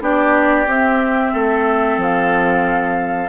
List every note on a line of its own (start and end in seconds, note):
0.00 0.66 B3
0.00 0.66 D4
0.00 1.32 G4
0.00 0.69 D5
0.66 1.32 C4
0.66 3.29 C4
0.66 2.01 E5
1.32 1.97 A3
1.32 3.29 A4
1.97 3.28 F3
1.97 3.29 F5